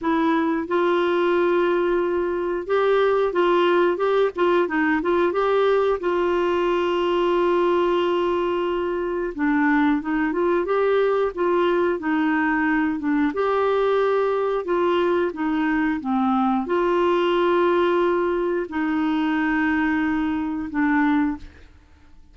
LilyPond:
\new Staff \with { instrumentName = "clarinet" } { \time 4/4 \tempo 4 = 90 e'4 f'2. | g'4 f'4 g'8 f'8 dis'8 f'8 | g'4 f'2.~ | f'2 d'4 dis'8 f'8 |
g'4 f'4 dis'4. d'8 | g'2 f'4 dis'4 | c'4 f'2. | dis'2. d'4 | }